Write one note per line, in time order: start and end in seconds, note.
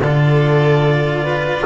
0.00 1.64 D3
0.00 1.66 F4
0.00 1.24 A4
0.00 1.66 D5
1.24 1.65 B4